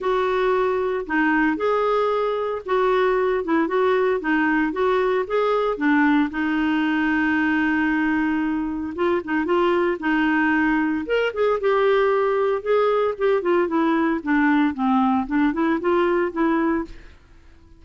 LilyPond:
\new Staff \with { instrumentName = "clarinet" } { \time 4/4 \tempo 4 = 114 fis'2 dis'4 gis'4~ | gis'4 fis'4. e'8 fis'4 | dis'4 fis'4 gis'4 d'4 | dis'1~ |
dis'4 f'8 dis'8 f'4 dis'4~ | dis'4 ais'8 gis'8 g'2 | gis'4 g'8 f'8 e'4 d'4 | c'4 d'8 e'8 f'4 e'4 | }